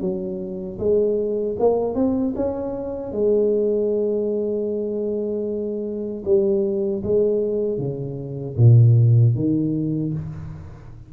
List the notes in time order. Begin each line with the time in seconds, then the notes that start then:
0.00 F#3
0.79 G#3
1.59 A#3
1.94 C4
2.35 C#4
3.12 G#3
6.25 G3
7.03 G#3
7.78 C#3
8.57 A#2
9.35 D#3